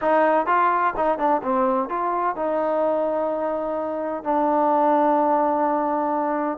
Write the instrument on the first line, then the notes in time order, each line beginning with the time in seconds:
trombone
0.01 D#4
0.46 F4
0.96 D#4
1.18 D4
1.43 C4
1.89 F4
2.36 D#4
4.23 D4